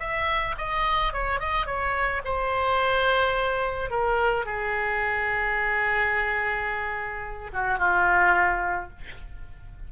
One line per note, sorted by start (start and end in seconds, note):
0.00 0.56 E5
0.58 1.13 D#5
1.13 1.40 C#5
1.40 1.66 D#5
1.66 2.22 C#5
2.25 3.91 C5
3.91 4.46 A#4
4.46 7.51 G#4
7.54 7.79 F#4
7.79 8.90 F4